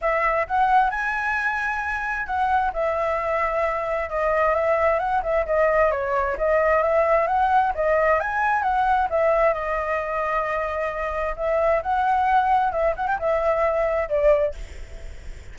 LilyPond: \new Staff \with { instrumentName = "flute" } { \time 4/4 \tempo 4 = 132 e''4 fis''4 gis''2~ | gis''4 fis''4 e''2~ | e''4 dis''4 e''4 fis''8 e''8 | dis''4 cis''4 dis''4 e''4 |
fis''4 dis''4 gis''4 fis''4 | e''4 dis''2.~ | dis''4 e''4 fis''2 | e''8 fis''16 g''16 e''2 d''4 | }